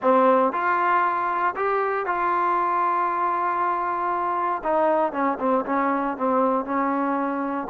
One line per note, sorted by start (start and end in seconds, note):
0.02 0.52 C4
0.52 1.54 F4
1.55 2.05 G4
2.05 4.62 F4
4.63 5.12 D#4
5.12 5.38 C#4
5.39 5.64 C4
5.65 6.17 C#4
6.17 6.65 C4
6.65 7.67 C#4